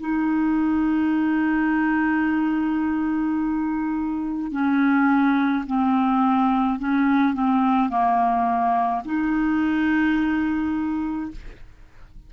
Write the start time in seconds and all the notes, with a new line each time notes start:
0.00 D#4
4.52 C#4
5.67 C4
6.80 C#4
7.34 C4
7.90 A#3
9.05 D#4